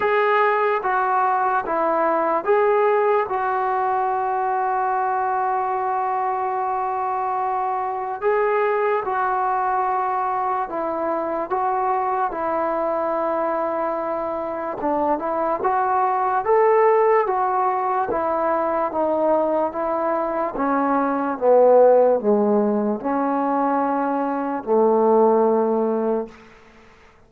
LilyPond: \new Staff \with { instrumentName = "trombone" } { \time 4/4 \tempo 4 = 73 gis'4 fis'4 e'4 gis'4 | fis'1~ | fis'2 gis'4 fis'4~ | fis'4 e'4 fis'4 e'4~ |
e'2 d'8 e'8 fis'4 | a'4 fis'4 e'4 dis'4 | e'4 cis'4 b4 gis4 | cis'2 a2 | }